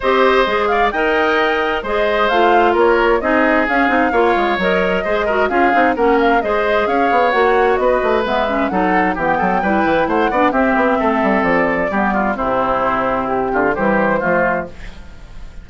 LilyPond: <<
  \new Staff \with { instrumentName = "flute" } { \time 4/4 \tempo 4 = 131 dis''4. f''8 g''2 | dis''4 f''4 cis''4 dis''4 | f''2 dis''2 | f''4 fis''8 f''8 dis''4 f''4 |
fis''4 dis''4 e''4 fis''4 | g''2 fis''4 e''4~ | e''4 d''2 c''4~ | c''4 g'4 c''2 | }
  \new Staff \with { instrumentName = "oboe" } { \time 4/4 c''4. d''8 dis''2 | c''2 ais'4 gis'4~ | gis'4 cis''2 c''8 ais'8 | gis'4 ais'4 c''4 cis''4~ |
cis''4 b'2 a'4 | g'8 a'8 b'4 c''8 d''8 g'4 | a'2 g'8 f'8 e'4~ | e'4. f'8 g'4 f'4 | }
  \new Staff \with { instrumentName = "clarinet" } { \time 4/4 g'4 gis'4 ais'2 | gis'4 f'2 dis'4 | cis'8 dis'8 f'4 ais'4 gis'8 fis'8 | f'8 dis'8 cis'4 gis'2 |
fis'2 b8 cis'8 dis'4 | b4 e'4. d'8 c'4~ | c'2 b4 c'4~ | c'2 g4 a4 | }
  \new Staff \with { instrumentName = "bassoon" } { \time 4/4 c'4 gis4 dis'2 | gis4 a4 ais4 c'4 | cis'8 c'8 ais8 gis8 fis4 gis4 | cis'8 c'8 ais4 gis4 cis'8 b8 |
ais4 b8 a8 gis4 fis4 | e8 fis8 g8 e8 a8 b8 c'8 b8 | a8 g8 f4 g4 c4~ | c4. d8 e4 f4 | }
>>